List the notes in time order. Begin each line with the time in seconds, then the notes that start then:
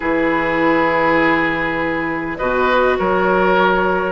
0.00 E3 E4 G#4 B4
2.37 B2 F#4 B4 D#5
2.98 F#3 A#4 C#5